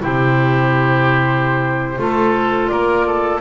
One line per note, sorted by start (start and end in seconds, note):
0.00 1.98 C3
0.00 1.96 E4
0.00 1.99 G4
0.00 2.67 C5
1.97 2.69 A3
1.97 3.39 F4
1.97 2.71 A4
2.67 3.41 A#3
2.67 3.06 A#4
2.67 3.39 D5
3.06 3.41 A4